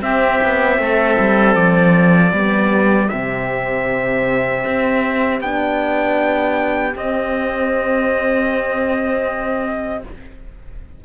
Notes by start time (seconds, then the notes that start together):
0.00 C4 G4 E5
0.43 B3
0.78 A3 A4
1.19 G3
1.55 F3 D5
2.32 G3 B3 G4
3.08 C3 C4 E5
4.64 C4
5.40 B3 D4 G5
6.95 C4 D#5